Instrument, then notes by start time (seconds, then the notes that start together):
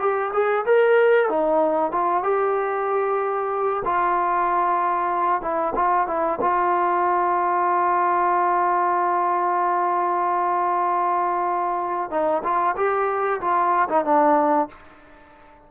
trombone
0.00 G4
0.33 G#4
0.66 A#4
1.29 D#4
1.92 F4
2.23 G4
3.85 F4
5.42 E4
5.76 F4
6.08 E4
6.41 F4
12.11 D#4
12.44 F4
12.77 G4
13.41 F4
13.89 D#4
14.05 D4